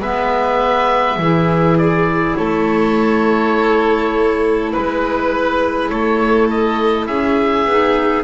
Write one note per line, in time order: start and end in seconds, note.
0.00 1.17 G#3
0.00 1.20 B3
0.00 1.18 B4
0.00 1.78 E5
1.17 2.35 E3
1.17 7.68 E4
1.17 2.38 G#4
1.78 2.36 D5
2.36 4.73 A3
2.36 4.73 A4
2.36 4.71 C#5
4.72 5.89 G#3
4.72 5.88 B4
4.72 5.90 B4
5.88 7.07 A3
5.88 7.08 A4
5.88 6.47 C#5
6.50 7.06 D#5
7.06 7.65 C#4
7.06 8.23 G#4
7.06 8.23 E5
7.65 8.23 B3
7.65 8.23 D#4